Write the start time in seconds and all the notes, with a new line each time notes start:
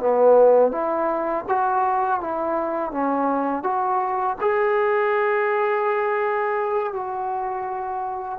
0.00 B3
0.72 E4
1.49 F#4
2.21 E4
2.92 C#4
3.64 F#4
4.41 G#4
6.93 F#4